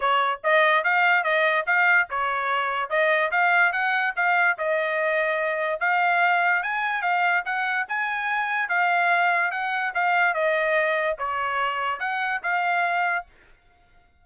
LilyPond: \new Staff \with { instrumentName = "trumpet" } { \time 4/4 \tempo 4 = 145 cis''4 dis''4 f''4 dis''4 | f''4 cis''2 dis''4 | f''4 fis''4 f''4 dis''4~ | dis''2 f''2 |
gis''4 f''4 fis''4 gis''4~ | gis''4 f''2 fis''4 | f''4 dis''2 cis''4~ | cis''4 fis''4 f''2 | }